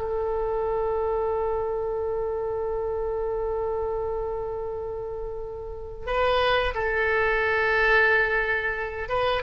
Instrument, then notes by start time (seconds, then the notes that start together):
oboe
0.00 A4
6.06 B4
6.74 A4
9.09 B4